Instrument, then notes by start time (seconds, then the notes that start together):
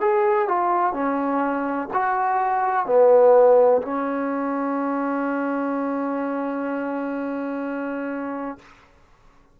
trombone
0.00 G#4
0.48 F4
0.93 C#4
1.93 F#4
2.86 B3
3.81 C#4